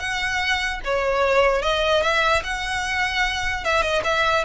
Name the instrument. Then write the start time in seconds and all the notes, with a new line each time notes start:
violin
0.00 F#5
0.85 C#5
1.62 D#5
2.03 E5
2.44 F#5
3.65 E5
3.82 D#5
4.04 E5